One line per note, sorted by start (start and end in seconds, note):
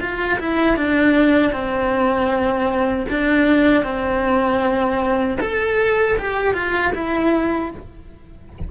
0.00 0.38 F4
0.39 0.76 E4
0.76 1.52 D4
1.52 3.06 C4
3.09 3.83 D4
3.83 5.37 C4
5.40 6.17 A4
6.18 6.53 G4
6.53 6.92 F4
6.94 7.71 E4